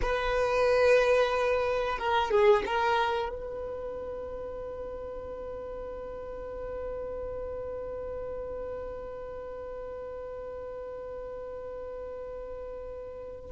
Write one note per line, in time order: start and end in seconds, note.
0.01 1.98 B4
1.98 2.30 A#4
2.30 2.63 G#4
2.66 3.29 A#4
3.29 13.51 B4